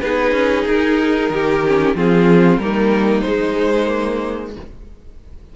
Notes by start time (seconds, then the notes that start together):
0.00 B3 D#4 G#4 B4
0.31 C#4
0.68 D#4 A#4
1.30 D#3 G4
1.67 C#4
1.95 F3 C4 F4 G#4
2.58 G3 A#3 D#4 A#4
3.21 G#3 C5
3.27 G#3
3.86 A#3